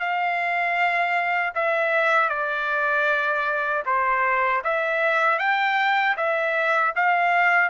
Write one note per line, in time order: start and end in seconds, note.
0.00 1.54 F5
1.55 2.30 E5
2.30 3.84 D5
3.86 4.63 C5
4.64 5.39 E5
5.39 6.16 G5
6.17 6.94 E5
6.96 7.70 F5